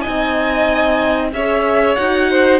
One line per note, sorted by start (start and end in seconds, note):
0.00 1.32 D#4
0.00 1.29 D#5
0.00 1.28 G#5
0.07 1.32 C4
1.32 1.96 C#4
1.32 1.97 G#4
1.32 2.30 C#5
1.32 1.95 E5
1.95 2.60 D#4
1.95 2.60 F#4
1.95 2.59 F#5
2.30 2.60 C5